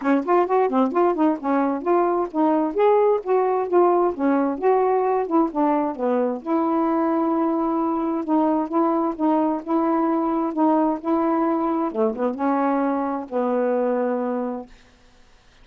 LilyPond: \new Staff \with { instrumentName = "saxophone" } { \time 4/4 \tempo 4 = 131 cis'8 f'8 fis'8 c'8 f'8 dis'8 cis'4 | f'4 dis'4 gis'4 fis'4 | f'4 cis'4 fis'4. e'8 | d'4 b4 e'2~ |
e'2 dis'4 e'4 | dis'4 e'2 dis'4 | e'2 a8 b8 cis'4~ | cis'4 b2. | }